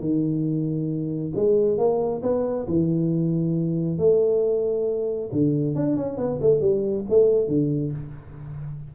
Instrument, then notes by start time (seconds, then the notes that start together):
tuba
0.00 D#3
1.36 G#3
1.78 A#3
2.23 B3
2.68 E3
3.98 A3
5.33 D3
5.76 D4
5.97 C#4
6.17 B3
6.42 A3
6.61 G3
7.09 A3
7.48 D3